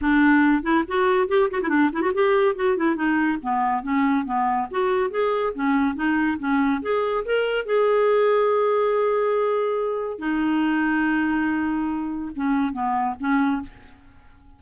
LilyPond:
\new Staff \with { instrumentName = "clarinet" } { \time 4/4 \tempo 4 = 141 d'4. e'8 fis'4 g'8 fis'16 e'16 | d'8 e'16 fis'16 g'4 fis'8 e'8 dis'4 | b4 cis'4 b4 fis'4 | gis'4 cis'4 dis'4 cis'4 |
gis'4 ais'4 gis'2~ | gis'1 | dis'1~ | dis'4 cis'4 b4 cis'4 | }